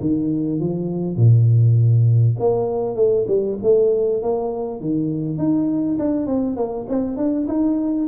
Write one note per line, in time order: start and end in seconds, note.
0.00 0.60 D#3
0.60 1.16 F3
1.16 2.36 A#2
2.39 2.95 A#3
2.95 3.25 A3
3.28 3.58 G3
3.62 4.22 A3
4.22 4.80 A#3
4.80 5.38 D#3
5.38 5.98 D#4
5.99 6.26 D4
6.26 6.56 C4
6.56 6.86 A#3
6.88 7.16 C4
7.16 7.46 D4
7.48 8.07 D#4